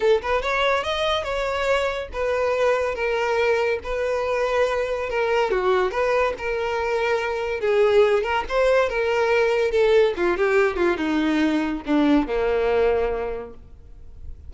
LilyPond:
\new Staff \with { instrumentName = "violin" } { \time 4/4 \tempo 4 = 142 a'8 b'8 cis''4 dis''4 cis''4~ | cis''4 b'2 ais'4~ | ais'4 b'2. | ais'4 fis'4 b'4 ais'4~ |
ais'2 gis'4. ais'8 | c''4 ais'2 a'4 | f'8 g'4 f'8 dis'2 | d'4 ais2. | }